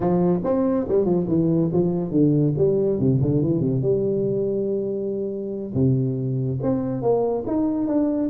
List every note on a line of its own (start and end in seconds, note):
0.00 0.40 F3
0.44 0.86 C4
0.88 1.05 G3
1.05 1.26 F3
1.28 1.70 E3
1.72 2.11 F3
2.11 2.53 D3
2.57 2.99 G3
2.99 3.20 C3
3.21 3.42 D3
3.42 3.60 E3
3.60 3.81 C3
3.81 5.73 G3
5.74 6.59 C3
6.62 7.02 C4
7.02 7.44 A#3
7.46 7.87 D#4
7.87 8.29 D4